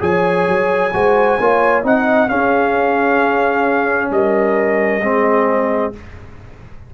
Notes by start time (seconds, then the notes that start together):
0.00 F3 G#4 C#5 G#5
0.48 F#3
0.94 G#3 F#4 C5
1.40 A#3 F4 C#5
1.83 C4 D#4 D#5 F#5
2.29 C#4 G#4 F5
4.11 G3 A#4 D#5
5.02 G#3 C4 G#4